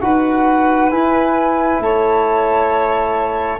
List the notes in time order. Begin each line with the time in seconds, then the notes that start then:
0.00 D#4 F#4 B4 F#5
0.90 E4 G#5
1.79 A3 C#5 A5